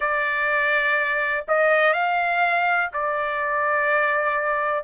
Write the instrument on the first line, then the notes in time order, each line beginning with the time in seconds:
trumpet
0.00 D5
1.48 D#5
1.93 F5
2.93 D5